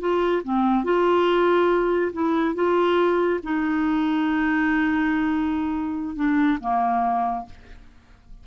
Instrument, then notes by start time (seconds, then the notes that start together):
clarinet
0.00 F4
0.44 C4
0.84 F4
2.13 E4
2.55 F4
3.43 D#4
6.16 D4
6.61 A#3